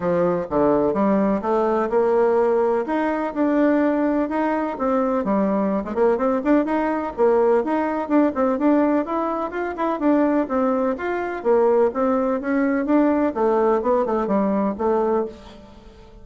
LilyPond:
\new Staff \with { instrumentName = "bassoon" } { \time 4/4 \tempo 4 = 126 f4 d4 g4 a4 | ais2 dis'4 d'4~ | d'4 dis'4 c'4 g4~ | g16 gis16 ais8 c'8 d'8 dis'4 ais4 |
dis'4 d'8 c'8 d'4 e'4 | f'8 e'8 d'4 c'4 f'4 | ais4 c'4 cis'4 d'4 | a4 b8 a8 g4 a4 | }